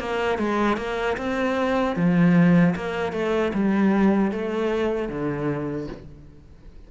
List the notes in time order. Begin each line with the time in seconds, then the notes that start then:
0.00 A#3
0.39 G#3
0.78 A#3
1.18 C4
1.96 F3
2.76 A#3
3.13 A3
3.54 G3
4.32 A3
5.09 D3